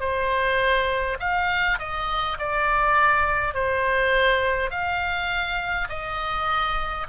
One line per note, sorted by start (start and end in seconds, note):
0.00 1.18 C5
1.20 1.79 F5
1.79 2.37 D#5
2.39 3.54 D5
3.54 4.71 C5
4.71 5.88 F5
5.89 7.07 D#5